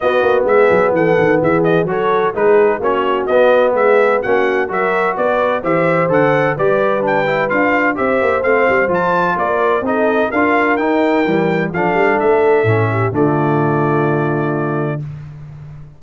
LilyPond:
<<
  \new Staff \with { instrumentName = "trumpet" } { \time 4/4 \tempo 4 = 128 dis''4 e''4 fis''4 e''8 dis''8 | cis''4 b'4 cis''4 dis''4 | e''4 fis''4 e''4 d''4 | e''4 fis''4 d''4 g''4 |
f''4 e''4 f''4 a''4 | d''4 dis''4 f''4 g''4~ | g''4 f''4 e''2 | d''1 | }
  \new Staff \with { instrumentName = "horn" } { \time 4/4 fis'4 gis'4 a'4 gis'4 | a'4 gis'4 fis'2 | gis'4 fis'4 ais'4 b'4 | c''2 b'2~ |
b'4 c''2. | ais'4 a'4 ais'2~ | ais'4 a'2~ a'8 g'8 | f'1 | }
  \new Staff \with { instrumentName = "trombone" } { \time 4/4 b1 | fis'4 dis'4 cis'4 b4~ | b4 cis'4 fis'2 | g'4 a'4 g'4 d'8 e'8 |
f'4 g'4 c'4 f'4~ | f'4 dis'4 f'4 dis'4 | g4 d'2 cis'4 | a1 | }
  \new Staff \with { instrumentName = "tuba" } { \time 4/4 b8 ais8 gis8 fis8 e8 dis8 e4 | fis4 gis4 ais4 b4 | gis4 ais4 fis4 b4 | e4 d4 g2 |
d'4 c'8 ais8 a8 g8 f4 | ais4 c'4 d'4 dis'4 | e4 f8 g8 a4 a,4 | d1 | }
>>